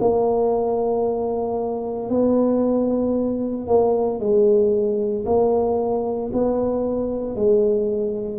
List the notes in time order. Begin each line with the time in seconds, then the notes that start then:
0.00 A#3
2.09 B3
3.67 A#3
4.19 G#3
5.25 A#3
6.33 B3
7.35 G#3